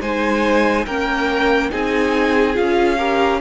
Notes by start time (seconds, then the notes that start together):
0.00 G#3 D#4 C5 G#5
0.86 A#3 C#4 A#4 G5
1.70 C4 D#4 G#4 G#5
2.54 C#4 F4 F5
2.98 G4 A#4